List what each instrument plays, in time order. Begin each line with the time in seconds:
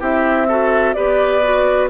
0.00 bassoon C4, clarinet E4, oboe G4, flute E5
0.49 clarinet F#4, oboe A4
0.94 bassoon B3, clarinet G4, oboe B4, flute D5
1.43 clarinet F#4